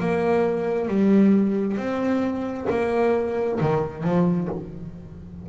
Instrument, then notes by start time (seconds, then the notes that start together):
double bass
0.00 A#3
0.88 G3
1.77 C4
2.70 A#3
3.61 D#3
4.04 F3